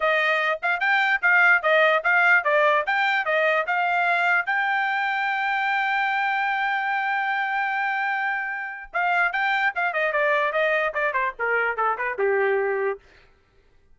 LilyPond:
\new Staff \with { instrumentName = "trumpet" } { \time 4/4 \tempo 4 = 148 dis''4. f''8 g''4 f''4 | dis''4 f''4 d''4 g''4 | dis''4 f''2 g''4~ | g''1~ |
g''1~ | g''2 f''4 g''4 | f''8 dis''8 d''4 dis''4 d''8 c''8 | ais'4 a'8 b'8 g'2 | }